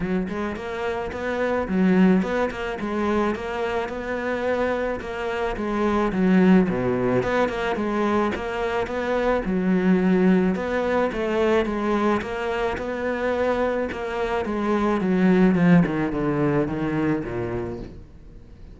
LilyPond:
\new Staff \with { instrumentName = "cello" } { \time 4/4 \tempo 4 = 108 fis8 gis8 ais4 b4 fis4 | b8 ais8 gis4 ais4 b4~ | b4 ais4 gis4 fis4 | b,4 b8 ais8 gis4 ais4 |
b4 fis2 b4 | a4 gis4 ais4 b4~ | b4 ais4 gis4 fis4 | f8 dis8 d4 dis4 ais,4 | }